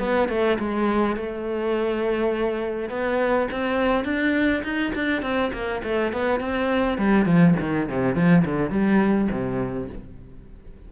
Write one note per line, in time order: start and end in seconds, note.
0.00 0.29 B3
0.29 0.58 A3
0.60 1.17 G#3
1.17 2.90 A3
2.90 3.48 B3
3.52 4.05 C4
4.05 4.63 D4
4.64 4.93 D#4
4.96 5.23 D4
5.23 5.52 C4
5.53 5.83 A#3
5.84 6.13 A3
6.13 6.41 B3
6.41 6.98 C4
6.98 7.26 G3
7.26 7.55 F3
7.60 7.89 D#3
7.90 8.16 C3
8.16 8.45 F3
8.46 8.71 D3
8.71 9.29 G3
9.32 9.90 C3